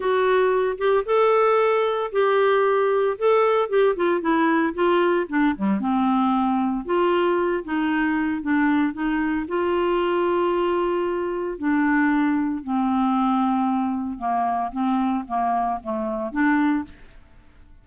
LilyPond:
\new Staff \with { instrumentName = "clarinet" } { \time 4/4 \tempo 4 = 114 fis'4. g'8 a'2 | g'2 a'4 g'8 f'8 | e'4 f'4 d'8 g8 c'4~ | c'4 f'4. dis'4. |
d'4 dis'4 f'2~ | f'2 d'2 | c'2. ais4 | c'4 ais4 a4 d'4 | }